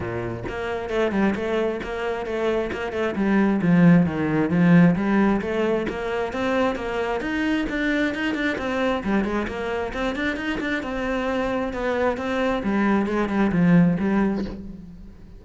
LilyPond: \new Staff \with { instrumentName = "cello" } { \time 4/4 \tempo 4 = 133 ais,4 ais4 a8 g8 a4 | ais4 a4 ais8 a8 g4 | f4 dis4 f4 g4 | a4 ais4 c'4 ais4 |
dis'4 d'4 dis'8 d'8 c'4 | g8 gis8 ais4 c'8 d'8 dis'8 d'8 | c'2 b4 c'4 | g4 gis8 g8 f4 g4 | }